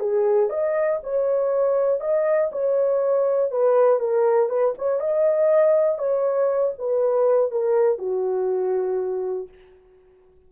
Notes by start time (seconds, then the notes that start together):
0.00 G#4
0.50 D#5
1.03 C#5
2.01 D#5
2.52 C#5
3.51 B4
4.00 A#4
4.49 B4
4.78 C#5
5.00 D#5
5.99 C#5
6.79 B4
7.52 A#4
7.99 F#4